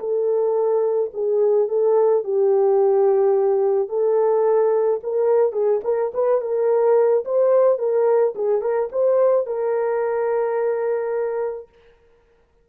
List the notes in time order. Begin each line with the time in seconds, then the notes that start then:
0.00 A4
1.14 G#4
1.69 A4
2.24 G4
3.89 A4
5.04 A#4
5.53 G#4
5.85 A#4
6.14 B4
6.42 A#4
7.25 C5
7.79 A#4
8.36 G#4
8.62 A#4
8.93 C5
9.47 A#4